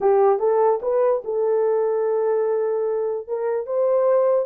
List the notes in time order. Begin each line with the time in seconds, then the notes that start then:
0.01 G4
0.39 A4
0.82 B4
1.24 A4
3.27 A#4
3.66 C5